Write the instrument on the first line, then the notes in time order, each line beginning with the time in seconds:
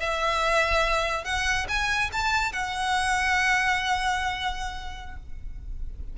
violin
0.00 E5
1.25 F#5
1.69 G#5
2.13 A5
2.53 F#5